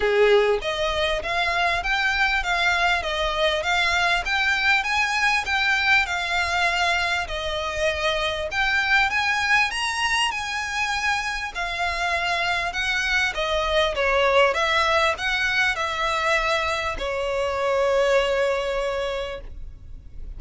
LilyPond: \new Staff \with { instrumentName = "violin" } { \time 4/4 \tempo 4 = 99 gis'4 dis''4 f''4 g''4 | f''4 dis''4 f''4 g''4 | gis''4 g''4 f''2 | dis''2 g''4 gis''4 |
ais''4 gis''2 f''4~ | f''4 fis''4 dis''4 cis''4 | e''4 fis''4 e''2 | cis''1 | }